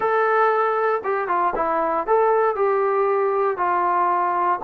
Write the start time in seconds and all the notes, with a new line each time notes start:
0.00 A4
1.04 G4
1.28 F4
1.55 E4
2.07 A4
2.55 G4
3.57 F4